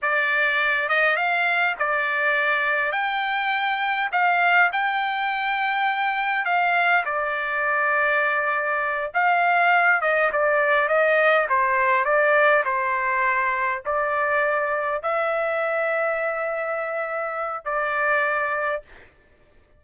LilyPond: \new Staff \with { instrumentName = "trumpet" } { \time 4/4 \tempo 4 = 102 d''4. dis''8 f''4 d''4~ | d''4 g''2 f''4 | g''2. f''4 | d''2.~ d''8 f''8~ |
f''4 dis''8 d''4 dis''4 c''8~ | c''8 d''4 c''2 d''8~ | d''4. e''2~ e''8~ | e''2 d''2 | }